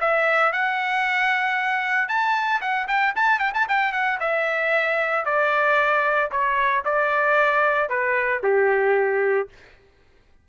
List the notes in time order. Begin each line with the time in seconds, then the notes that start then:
0.00 E5
0.52 F#5
2.08 A5
2.61 F#5
2.88 G5
3.16 A5
3.39 G5
3.54 A5
3.68 G5
3.92 F#5
4.20 E5
5.25 D5
6.31 C#5
6.85 D5
7.89 B4
8.43 G4